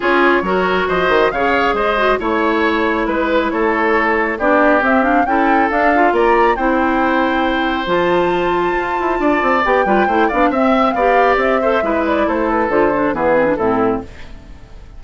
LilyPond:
<<
  \new Staff \with { instrumentName = "flute" } { \time 4/4 \tempo 4 = 137 cis''2 dis''4 f''4 | dis''4 cis''2 b'4 | cis''2 d''4 e''8 f''8 | g''4 f''4 ais''4 g''4~ |
g''2 a''2~ | a''2 g''4. f''8 | e''4 f''4 e''4. d''8 | c''8 b'8 c''4 b'4 a'4 | }
  \new Staff \with { instrumentName = "oboe" } { \time 4/4 gis'4 ais'4 c''4 cis''4 | c''4 cis''2 b'4 | a'2 g'2 | a'2 d''4 c''4~ |
c''1~ | c''4 d''4. b'8 c''8 d''8 | e''4 d''4. c''8 b'4 | a'2 gis'4 e'4 | }
  \new Staff \with { instrumentName = "clarinet" } { \time 4/4 f'4 fis'2 gis'4~ | gis'8 fis'8 e'2.~ | e'2 d'4 c'8 d'8 | e'4 d'8 f'4. e'4~ |
e'2 f'2~ | f'2 g'8 f'8 e'8 d'8 | c'4 g'4. a'8 e'4~ | e'4 f'8 d'8 b8 c'16 d'16 c'4 | }
  \new Staff \with { instrumentName = "bassoon" } { \time 4/4 cis'4 fis4 f8 dis8 cis4 | gis4 a2 gis4 | a2 b4 c'4 | cis'4 d'4 ais4 c'4~ |
c'2 f2 | f'8 e'8 d'8 c'8 b8 g8 a8 b8 | c'4 b4 c'4 gis4 | a4 d4 e4 a,4 | }
>>